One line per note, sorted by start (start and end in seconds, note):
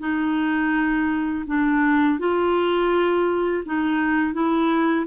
0.00 1.45 D#4
1.47 2.19 D4
2.19 3.64 F4
3.65 4.34 D#4
4.34 5.06 E4